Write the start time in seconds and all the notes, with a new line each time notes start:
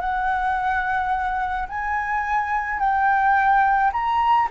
0.00 F#5
1.68 G#5
2.79 G5
3.92 A#5